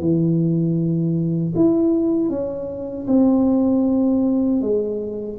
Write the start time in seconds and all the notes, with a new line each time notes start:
0.00 E3
1.56 E4
2.30 C#4
3.08 C4
4.62 G#3